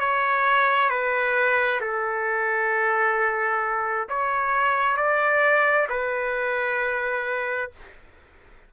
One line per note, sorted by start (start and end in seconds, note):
0.00 0.90 C#5
0.90 1.81 B4
1.81 4.08 A4
4.09 4.97 C#5
4.97 5.88 D5
5.89 7.71 B4